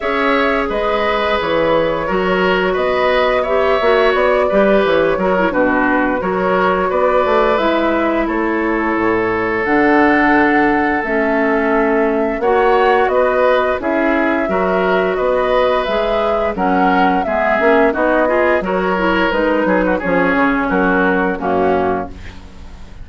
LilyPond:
<<
  \new Staff \with { instrumentName = "flute" } { \time 4/4 \tempo 4 = 87 e''4 dis''4 cis''2 | dis''4 e''4 d''4 cis''4 | b'4 cis''4 d''4 e''4 | cis''2 fis''2 |
e''2 fis''4 dis''4 | e''2 dis''4 e''4 | fis''4 e''4 dis''4 cis''4 | b'4 cis''4 ais'4 fis'4 | }
  \new Staff \with { instrumentName = "oboe" } { \time 4/4 cis''4 b'2 ais'4 | b'4 cis''4. b'4 ais'8 | fis'4 ais'4 b'2 | a'1~ |
a'2 cis''4 b'4 | gis'4 ais'4 b'2 | ais'4 gis'4 fis'8 gis'8 ais'4~ | ais'8 gis'16 fis'16 gis'4 fis'4 cis'4 | }
  \new Staff \with { instrumentName = "clarinet" } { \time 4/4 gis'2. fis'4~ | fis'4 g'8 fis'4 g'4 fis'16 e'16 | d'4 fis'2 e'4~ | e'2 d'2 |
cis'2 fis'2 | e'4 fis'2 gis'4 | cis'4 b8 cis'8 dis'8 f'8 fis'8 e'8 | dis'4 cis'2 ais4 | }
  \new Staff \with { instrumentName = "bassoon" } { \time 4/4 cis'4 gis4 e4 fis4 | b4. ais8 b8 g8 e8 fis8 | b,4 fis4 b8 a8 gis4 | a4 a,4 d2 |
a2 ais4 b4 | cis'4 fis4 b4 gis4 | fis4 gis8 ais8 b4 fis4 | gis8 fis8 f8 cis8 fis4 fis,4 | }
>>